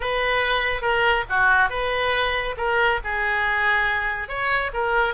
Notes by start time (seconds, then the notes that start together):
0.00 B4
0.81 A#4
1.29 F#4
1.69 B4
2.57 A#4
3.04 G#4
4.28 C#5
4.73 A#4